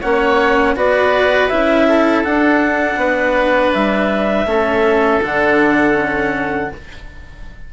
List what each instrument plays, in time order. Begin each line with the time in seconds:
0.00 bassoon A#3, cello C#4, oboe C#5, clarinet F#5
0.75 bassoon B3, cello F#4, oboe B4, clarinet D5
1.48 bassoon C#4, cello E4, clarinet E5
1.88 oboe A4
2.23 cello D4, bassoon D4, clarinet F#5
2.96 bassoon B3, oboe B4
3.73 bassoon G3, clarinet E5
4.45 bassoon A3, cello C#4, oboe A4
5.22 bassoon D3, cello D4, clarinet F#5
5.93 cello C#4